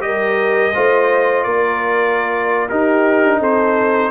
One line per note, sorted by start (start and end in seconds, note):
0.00 0.72 G3
0.00 0.71 G4
0.00 0.74 A#4
0.00 1.43 D#5
0.74 1.45 A3
0.74 2.69 F4
0.74 1.44 C5
1.43 2.70 A#3
1.43 2.69 A#4
1.43 2.68 D5
2.69 4.11 D#4
2.69 3.24 D#4
2.69 3.39 G4
2.69 3.40 A#4
3.24 3.40 D4
3.39 4.11 C4
3.39 4.10 A4
3.39 4.11 C5